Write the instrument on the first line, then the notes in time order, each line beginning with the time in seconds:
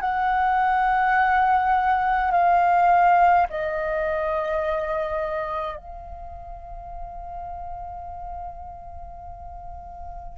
flute
0.00 F#5
2.31 F5
3.49 D#5
5.76 F5